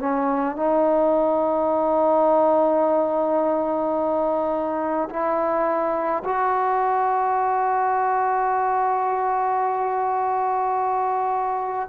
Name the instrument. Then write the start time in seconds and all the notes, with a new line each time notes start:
trombone
0.00 C#4
0.57 D#4
5.10 E4
6.25 F#4